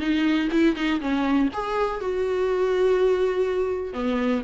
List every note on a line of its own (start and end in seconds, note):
0.00 0.49 D#4
0.52 0.76 E4
0.76 1.00 D#4
1.01 1.49 C#4
1.54 2.01 G#4
2.01 3.94 F#4
3.94 4.42 B3